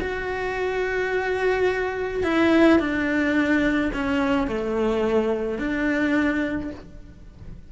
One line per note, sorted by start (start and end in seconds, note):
0.00 2.23 F#4
2.23 2.79 E4
2.79 3.91 D4
3.93 4.47 C#4
4.47 5.58 A3
5.58 6.70 D4